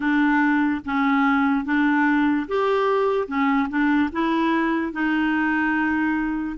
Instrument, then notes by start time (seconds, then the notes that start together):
clarinet
0.00 D4
0.85 C#4
1.64 D4
2.48 G4
3.27 C#4
3.69 D4
4.12 E4
4.92 D#4